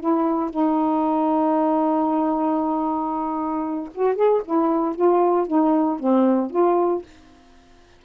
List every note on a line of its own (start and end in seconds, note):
0.00 0.51 E4
0.51 3.90 D#4
3.95 4.16 F#4
4.16 4.42 G#4
4.45 4.96 E4
4.96 5.48 F4
5.48 6.00 D#4
6.00 6.51 C4
6.51 7.03 F4